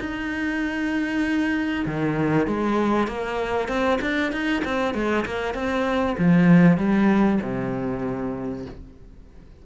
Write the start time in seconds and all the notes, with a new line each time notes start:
0.00 D#4
1.86 D#3
2.47 G#3
3.08 A#3
3.68 C4
4.01 D4
4.32 D#4
4.65 C4
4.94 G#3
5.25 A#3
5.54 C4
6.18 F3
6.78 G3
7.42 C3